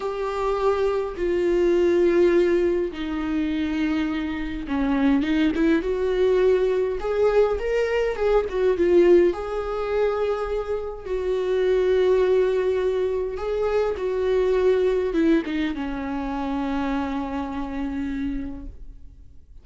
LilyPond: \new Staff \with { instrumentName = "viola" } { \time 4/4 \tempo 4 = 103 g'2 f'2~ | f'4 dis'2. | cis'4 dis'8 e'8 fis'2 | gis'4 ais'4 gis'8 fis'8 f'4 |
gis'2. fis'4~ | fis'2. gis'4 | fis'2 e'8 dis'8 cis'4~ | cis'1 | }